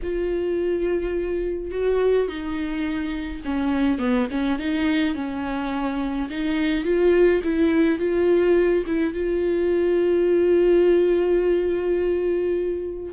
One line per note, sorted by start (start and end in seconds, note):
0.02 1.71 F4
1.71 2.28 F#4
2.28 3.42 D#4
3.44 3.98 C#4
3.98 4.27 B3
4.31 4.58 C#4
4.58 5.15 D#4
5.15 6.29 C#4
6.29 6.84 D#4
6.84 7.41 F4
7.43 7.98 E4
7.98 8.84 F4
8.86 9.13 E4
9.13 13.13 F4